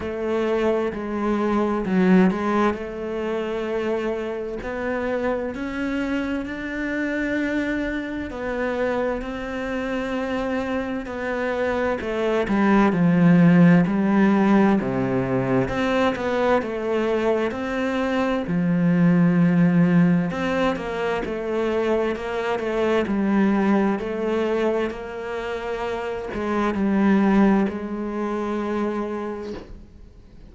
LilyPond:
\new Staff \with { instrumentName = "cello" } { \time 4/4 \tempo 4 = 65 a4 gis4 fis8 gis8 a4~ | a4 b4 cis'4 d'4~ | d'4 b4 c'2 | b4 a8 g8 f4 g4 |
c4 c'8 b8 a4 c'4 | f2 c'8 ais8 a4 | ais8 a8 g4 a4 ais4~ | ais8 gis8 g4 gis2 | }